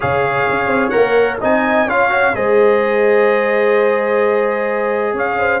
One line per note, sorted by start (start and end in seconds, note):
0.00 0.49 C#3
0.00 0.91 G#4
0.00 1.40 C#5
0.00 0.89 F5
0.49 0.66 C#4
0.66 0.90 C4
0.89 1.42 A#3
0.89 1.38 A#4
0.89 1.36 F#5
1.40 1.87 C4
1.40 1.88 D#4
1.40 1.87 D#5
1.40 1.89 G#5
1.87 2.34 C#4
1.87 2.09 F4
1.87 2.34 C#5
1.87 2.35 F5
2.09 2.33 F#4
2.34 5.13 G#3
2.34 5.60 G#4
2.34 5.15 C5
2.34 5.16 D#5
5.13 5.60 C#4
5.13 5.38 C#5
5.13 5.60 F5
5.39 5.60 C5